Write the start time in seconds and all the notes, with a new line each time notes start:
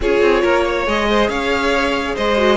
0.00 C#4 F4 G#4 C#5
0.21 C4
0.42 A#3 A#4
0.64 C#5
0.86 G#3 G#4 D#5
1.09 C5
1.28 C#4 C#5 F5
2.14 G#3 C5 D#5
2.36 F#4